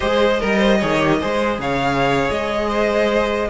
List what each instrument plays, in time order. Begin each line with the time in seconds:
0.00 cello G#3, viola G#4, violin C5 D#5
0.40 cello G3, violin A#4, viola A#4
0.58 violin C5
0.78 cello D#3, viola G#4, violin C#5
0.99 viola G4
1.20 cello G#3, viola G#4, violin C5
1.59 cello C#3, violin C#5 F5
2.30 cello G#3, violin D#5
2.68 violin C5